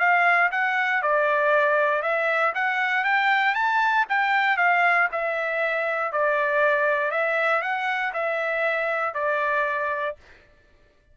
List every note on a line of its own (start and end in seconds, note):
0.00 0.51 F5
0.52 1.03 F#5
1.03 2.02 D5
2.02 2.53 E5
2.55 3.04 F#5
3.04 3.55 G5
3.55 4.06 A5
4.09 4.58 G5
4.58 5.08 F5
5.12 6.12 E5
6.12 7.11 D5
7.11 7.62 E5
7.62 8.13 F#5
8.14 9.15 E5
9.15 10.16 D5